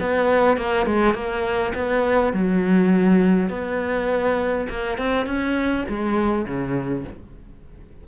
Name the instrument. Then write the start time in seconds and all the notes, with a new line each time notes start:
cello
0.00 B3
0.56 A#3
0.86 G#3
1.14 A#3
1.74 B3
2.33 F#3
3.49 B3
4.69 A#3
4.98 C4
5.26 C#4
5.88 G#3
6.45 C#3